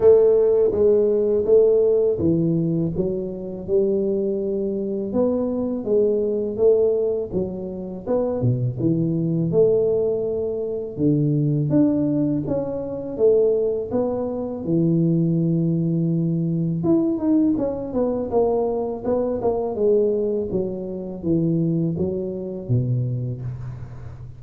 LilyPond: \new Staff \with { instrumentName = "tuba" } { \time 4/4 \tempo 4 = 82 a4 gis4 a4 e4 | fis4 g2 b4 | gis4 a4 fis4 b8 b,8 | e4 a2 d4 |
d'4 cis'4 a4 b4 | e2. e'8 dis'8 | cis'8 b8 ais4 b8 ais8 gis4 | fis4 e4 fis4 b,4 | }